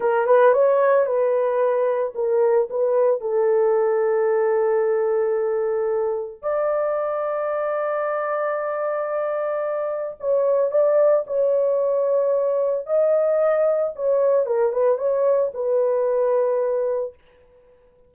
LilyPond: \new Staff \with { instrumentName = "horn" } { \time 4/4 \tempo 4 = 112 ais'8 b'8 cis''4 b'2 | ais'4 b'4 a'2~ | a'1 | d''1~ |
d''2. cis''4 | d''4 cis''2. | dis''2 cis''4 ais'8 b'8 | cis''4 b'2. | }